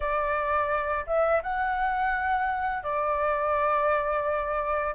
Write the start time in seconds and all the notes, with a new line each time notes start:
0.00 D5
1.06 E5
1.42 F#5
2.83 D5